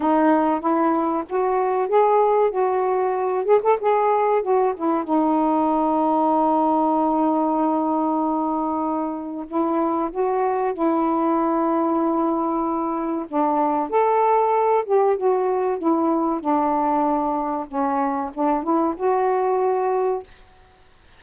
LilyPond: \new Staff \with { instrumentName = "saxophone" } { \time 4/4 \tempo 4 = 95 dis'4 e'4 fis'4 gis'4 | fis'4. gis'16 a'16 gis'4 fis'8 e'8 | dis'1~ | dis'2. e'4 |
fis'4 e'2.~ | e'4 d'4 a'4. g'8 | fis'4 e'4 d'2 | cis'4 d'8 e'8 fis'2 | }